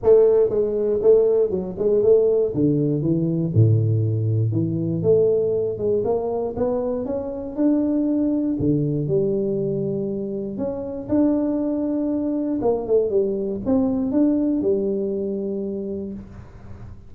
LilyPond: \new Staff \with { instrumentName = "tuba" } { \time 4/4 \tempo 4 = 119 a4 gis4 a4 fis8 gis8 | a4 d4 e4 a,4~ | a,4 e4 a4. gis8 | ais4 b4 cis'4 d'4~ |
d'4 d4 g2~ | g4 cis'4 d'2~ | d'4 ais8 a8 g4 c'4 | d'4 g2. | }